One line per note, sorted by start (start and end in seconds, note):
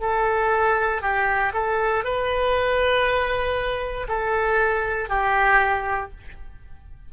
0.00 1.02 A4
1.02 1.53 G4
1.53 2.04 A4
2.04 4.07 B4
4.08 5.09 A4
5.09 6.11 G4